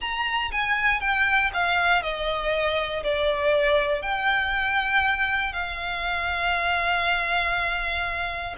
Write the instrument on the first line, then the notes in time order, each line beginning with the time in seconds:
violin
0.00 A#5
0.51 G#5
1.00 G5
1.53 F5
2.02 D#5
3.03 D5
4.02 G5
5.53 F5